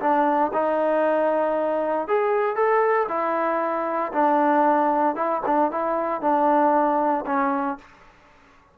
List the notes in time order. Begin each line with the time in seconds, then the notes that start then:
0.00 D4
0.53 D#4
2.08 G#4
2.56 A4
3.09 E4
4.13 D4
5.16 E4
5.46 D4
5.71 E4
6.21 D4
7.26 C#4